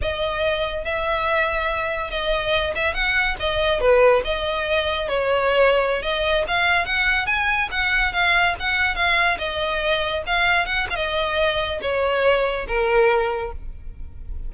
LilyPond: \new Staff \with { instrumentName = "violin" } { \time 4/4 \tempo 4 = 142 dis''2 e''2~ | e''4 dis''4. e''8 fis''4 | dis''4 b'4 dis''2 | cis''2~ cis''16 dis''4 f''8.~ |
f''16 fis''4 gis''4 fis''4 f''8.~ | f''16 fis''4 f''4 dis''4.~ dis''16~ | dis''16 f''4 fis''8 f''16 dis''2 | cis''2 ais'2 | }